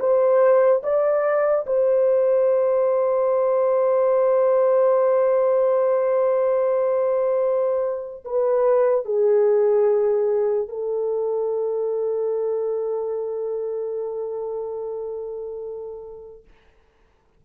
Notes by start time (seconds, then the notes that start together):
0.00 C5
0.84 D5
1.67 C5
8.25 B4
9.06 G#4
10.69 A4